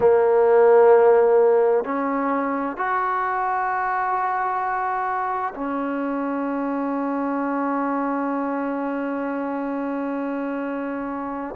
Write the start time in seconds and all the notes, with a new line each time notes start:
0.00 A#3
1.84 C#4
2.77 F#4
5.54 C#4